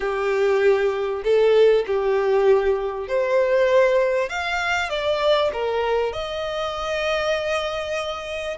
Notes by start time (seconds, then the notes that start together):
0.00 G4
1.24 A4
1.86 G4
3.08 C5
4.29 F5
4.89 D5
5.52 A#4
6.12 D#5